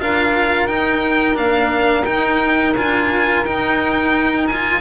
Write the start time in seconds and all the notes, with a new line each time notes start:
0.00 D4 F4 A#4 F5
0.68 D#4 G5
1.35 A#3 D4 F5
2.05 D#4 G5
2.77 D4 F4 G#5
3.45 D#4 G5
4.48 F4 G#5